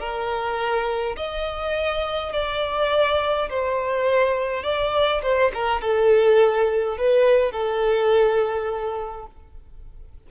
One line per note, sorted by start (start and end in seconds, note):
0.00 1.17 A#4
1.17 2.33 D#5
2.33 3.50 D5
3.50 4.63 C5
4.63 5.22 D5
5.23 5.52 C5
5.54 5.81 A#4
5.81 6.98 A4
6.98 7.52 B4
7.52 9.27 A4